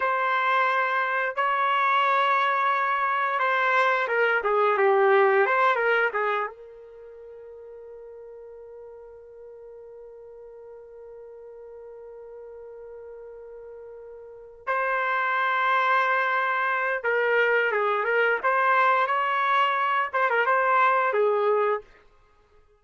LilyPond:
\new Staff \with { instrumentName = "trumpet" } { \time 4/4 \tempo 4 = 88 c''2 cis''2~ | cis''4 c''4 ais'8 gis'8 g'4 | c''8 ais'8 gis'8 ais'2~ ais'8~ | ais'1~ |
ais'1~ | ais'4. c''2~ c''8~ | c''4 ais'4 gis'8 ais'8 c''4 | cis''4. c''16 ais'16 c''4 gis'4 | }